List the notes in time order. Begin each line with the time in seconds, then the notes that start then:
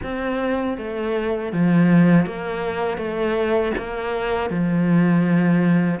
0.03 C4
0.77 A3
1.52 F3
2.26 A#3
2.97 A3
3.77 A#3
4.50 F3